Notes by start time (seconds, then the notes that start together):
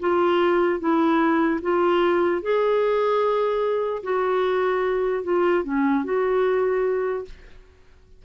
0.00 F4
0.80 E4
1.62 F4
2.42 G#4
4.03 F#4
5.24 F4
5.64 C#4
6.05 F#4